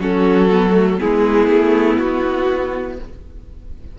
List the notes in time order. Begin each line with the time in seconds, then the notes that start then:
0.00 F#3 C#4 F#4 A4
0.52 B3
0.72 A3
0.98 G#3 B3 E4 G#4
1.48 A3
1.99 B3 F#4